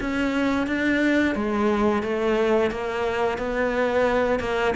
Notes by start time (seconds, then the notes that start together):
0.00 C#4
0.67 D4
1.35 G#3
2.02 A3
2.71 A#3
3.38 B3
4.39 A#3